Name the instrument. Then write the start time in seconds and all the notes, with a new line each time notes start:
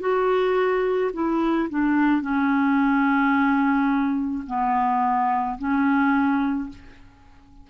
clarinet
0.00 F#4
1.14 E4
1.70 D4
2.22 C#4
4.47 B3
5.59 C#4